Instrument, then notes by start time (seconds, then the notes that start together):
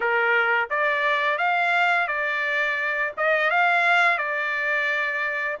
trumpet
0.00 A#4
0.69 D5
1.38 F5
2.07 D5
3.17 D#5
3.50 F5
4.18 D5